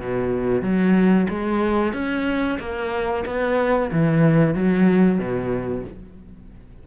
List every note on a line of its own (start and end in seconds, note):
0.00 0.62 B2
0.62 1.27 F#3
1.30 1.93 G#3
1.93 2.58 C#4
2.59 3.25 A#3
3.25 3.91 B3
3.92 4.54 E3
4.54 5.18 F#3
5.18 5.84 B2